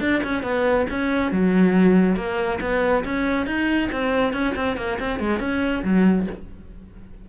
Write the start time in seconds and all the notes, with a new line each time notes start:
0.00 D4
0.23 C#4
0.43 B3
0.90 C#4
1.31 F#3
2.16 A#3
2.61 B3
3.04 C#4
3.46 D#4
3.92 C4
4.33 C#4
4.55 C4
4.77 A#3
4.99 C4
5.19 G#3
5.40 C#4
5.84 F#3